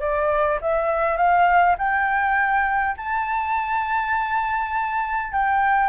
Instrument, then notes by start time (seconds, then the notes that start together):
flute
0.00 D5
0.61 E5
1.17 F5
1.78 G5
2.97 A5
5.32 G5